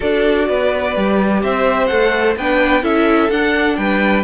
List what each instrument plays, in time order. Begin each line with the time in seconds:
0.00 cello D4, viola F#4, violin A4 D5
0.48 cello B3, violin B4
0.95 cello G3, viola G4
1.42 cello C4, violin C5 E5
1.86 cello A3, viola A4, violin F#5
2.36 cello B3, viola D4, violin B4 G5
2.82 cello C#4, viola E4, violin A4 E5
3.30 cello D4, viola D4, violin F#5
3.76 cello G3, violin B4 G5